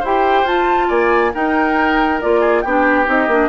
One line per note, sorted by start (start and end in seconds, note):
0.00 0.43 E4
0.00 0.47 G4
0.00 0.87 C5
0.00 0.47 G5
0.43 0.87 F4
0.43 1.33 F4
0.43 0.89 A5
0.88 1.33 A#3
0.88 1.31 D5
0.88 1.33 G#5
1.33 2.20 D#4
1.33 2.23 D#4
1.33 2.40 A#4
1.33 2.21 G5
2.21 2.64 A#3
2.21 2.65 F4
2.21 2.62 D5
2.40 2.62 G#4
2.62 3.08 B3
2.62 3.05 D4
2.62 3.49 G4
2.62 3.05 G5
3.05 3.27 C4
3.05 3.27 D#4
3.05 3.49 D#5
3.27 3.49 A#3
3.27 3.49 D4